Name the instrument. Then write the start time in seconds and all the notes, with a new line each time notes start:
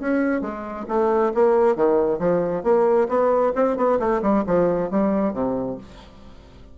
bassoon
0.00 C#4
0.41 G#3
0.88 A3
1.34 A#3
1.76 D#3
2.19 F3
2.64 A#3
3.09 B3
3.56 C4
3.77 B3
3.99 A3
4.22 G3
4.47 F3
4.91 G3
5.34 C3